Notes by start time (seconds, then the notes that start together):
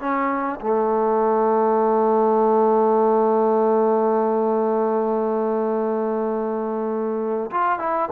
0.00 C#4
0.61 A3
7.51 F4
7.79 E4